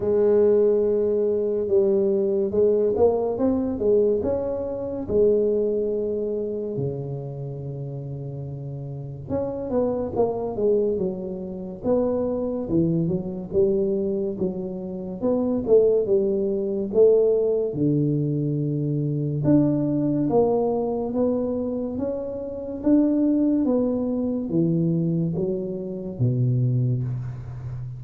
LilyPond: \new Staff \with { instrumentName = "tuba" } { \time 4/4 \tempo 4 = 71 gis2 g4 gis8 ais8 | c'8 gis8 cis'4 gis2 | cis2. cis'8 b8 | ais8 gis8 fis4 b4 e8 fis8 |
g4 fis4 b8 a8 g4 | a4 d2 d'4 | ais4 b4 cis'4 d'4 | b4 e4 fis4 b,4 | }